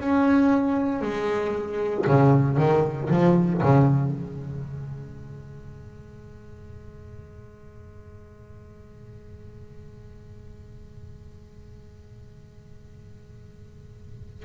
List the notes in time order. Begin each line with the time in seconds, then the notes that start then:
0.00 C#4
1.01 G#3
2.07 C#3
2.57 D#3
3.09 F3
3.62 C#3
4.11 G#3